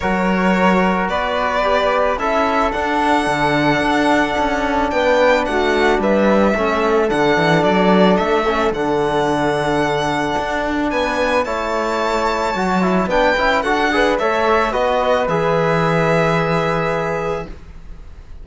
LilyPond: <<
  \new Staff \with { instrumentName = "violin" } { \time 4/4 \tempo 4 = 110 cis''2 d''2 | e''4 fis''2.~ | fis''4 g''4 fis''4 e''4~ | e''4 fis''4 d''4 e''4 |
fis''1 | gis''4 a''2. | g''4 fis''4 e''4 dis''4 | e''1 | }
  \new Staff \with { instrumentName = "flute" } { \time 4/4 ais'2 b'2 | a'1~ | a'4 b'4 fis'4 b'4 | a'1~ |
a'1 | b'4 cis''2. | b'4 a'8 b'8 cis''4 b'4~ | b'1 | }
  \new Staff \with { instrumentName = "trombone" } { \time 4/4 fis'2. g'4 | e'4 d'2.~ | d'1 | cis'4 d'2~ d'8 cis'8 |
d'1~ | d'4 e'2 fis'8 e'8 | d'8 e'8 fis'8 gis'8 a'4 fis'4 | gis'1 | }
  \new Staff \with { instrumentName = "cello" } { \time 4/4 fis2 b2 | cis'4 d'4 d4 d'4 | cis'4 b4 a4 g4 | a4 d8 e8 fis4 a4 |
d2. d'4 | b4 a2 fis4 | b8 cis'8 d'4 a4 b4 | e1 | }
>>